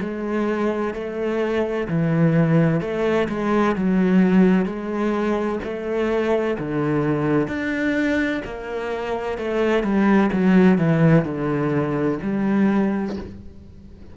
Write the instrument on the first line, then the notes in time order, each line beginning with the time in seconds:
cello
0.00 G#3
0.93 A3
1.88 E3
2.81 A3
3.28 G#3
3.75 F#3
4.65 G#3
5.63 A3
6.58 D3
7.47 D4
8.44 A#3
9.38 A3
9.83 G3
10.32 F#3
10.78 E3
11.25 D3
12.22 G3